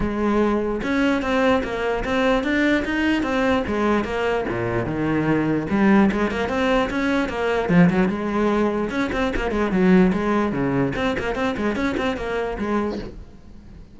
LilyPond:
\new Staff \with { instrumentName = "cello" } { \time 4/4 \tempo 4 = 148 gis2 cis'4 c'4 | ais4 c'4 d'4 dis'4 | c'4 gis4 ais4 ais,4 | dis2 g4 gis8 ais8 |
c'4 cis'4 ais4 f8 fis8 | gis2 cis'8 c'8 ais8 gis8 | fis4 gis4 cis4 c'8 ais8 | c'8 gis8 cis'8 c'8 ais4 gis4 | }